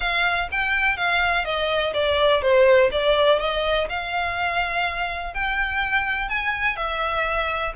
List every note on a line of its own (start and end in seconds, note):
0.00 0.48 F5
0.51 0.96 G5
0.96 1.45 F5
1.45 1.93 D#5
1.93 2.41 D5
2.41 2.90 C5
2.91 3.39 D5
3.39 3.87 D#5
3.89 5.34 F5
5.34 6.28 G5
6.28 6.76 G#5
6.76 7.73 E5